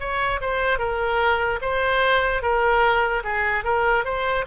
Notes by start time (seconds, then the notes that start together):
0.00 C#5
0.42 C5
0.79 A#4
1.62 C5
2.43 A#4
3.24 G#4
3.65 A#4
4.05 C5